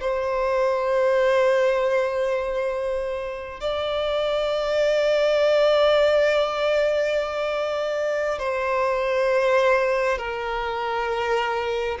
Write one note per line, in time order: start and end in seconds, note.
0.00 3.60 C5
3.60 8.38 D5
8.38 10.18 C5
10.18 11.98 A#4